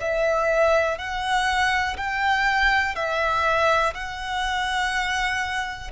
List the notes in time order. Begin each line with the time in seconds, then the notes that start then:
0.00 E5
0.98 F#5
1.97 G5
2.95 E5
3.94 F#5